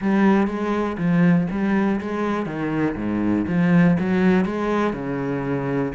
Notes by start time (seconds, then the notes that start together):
0.01 G3
0.47 G#3
0.97 F3
1.50 G3
2.00 G#3
2.45 D#3
2.96 G#2
3.47 F3
3.99 F#3
4.45 G#3
4.93 C#3